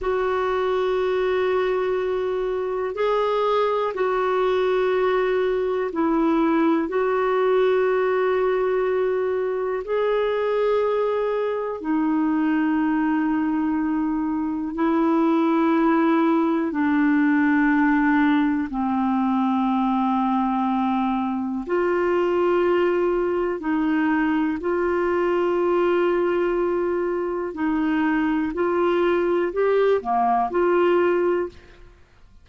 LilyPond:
\new Staff \with { instrumentName = "clarinet" } { \time 4/4 \tempo 4 = 61 fis'2. gis'4 | fis'2 e'4 fis'4~ | fis'2 gis'2 | dis'2. e'4~ |
e'4 d'2 c'4~ | c'2 f'2 | dis'4 f'2. | dis'4 f'4 g'8 ais8 f'4 | }